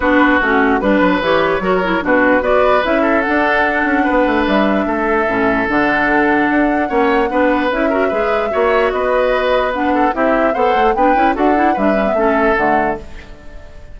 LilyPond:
<<
  \new Staff \with { instrumentName = "flute" } { \time 4/4 \tempo 4 = 148 b'4 fis'4 b'4 cis''4~ | cis''4 b'4 d''4 e''4 | fis''2. e''4~ | e''2 fis''2~ |
fis''2. e''4~ | e''2 dis''2 | fis''4 e''4 fis''4 g''4 | fis''4 e''2 fis''4 | }
  \new Staff \with { instrumentName = "oboe" } { \time 4/4 fis'2 b'2 | ais'4 fis'4 b'4. a'8~ | a'2 b'2 | a'1~ |
a'4 cis''4 b'4. ais'8 | b'4 cis''4 b'2~ | b'8 a'8 g'4 c''4 b'4 | a'4 b'4 a'2 | }
  \new Staff \with { instrumentName = "clarinet" } { \time 4/4 d'4 cis'4 d'4 g'4 | fis'8 e'8 d'4 fis'4 e'4 | d'1~ | d'4 cis'4 d'2~ |
d'4 cis'4 d'4 e'8 fis'8 | gis'4 fis'2. | d'4 e'4 a'4 d'8 e'8 | fis'8 e'8 d'8 cis'16 b16 cis'4 a4 | }
  \new Staff \with { instrumentName = "bassoon" } { \time 4/4 b4 a4 g8 fis8 e4 | fis4 b,4 b4 cis'4 | d'4. cis'8 b8 a8 g4 | a4 a,4 d2 |
d'4 ais4 b4 cis'4 | gis4 ais4 b2~ | b4 c'4 b8 a8 b8 cis'8 | d'4 g4 a4 d4 | }
>>